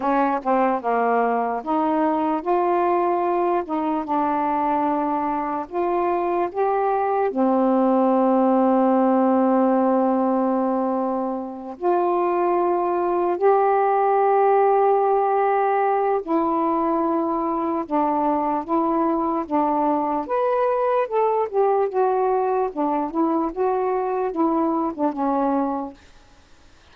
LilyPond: \new Staff \with { instrumentName = "saxophone" } { \time 4/4 \tempo 4 = 74 cis'8 c'8 ais4 dis'4 f'4~ | f'8 dis'8 d'2 f'4 | g'4 c'2.~ | c'2~ c'8 f'4.~ |
f'8 g'2.~ g'8 | e'2 d'4 e'4 | d'4 b'4 a'8 g'8 fis'4 | d'8 e'8 fis'4 e'8. d'16 cis'4 | }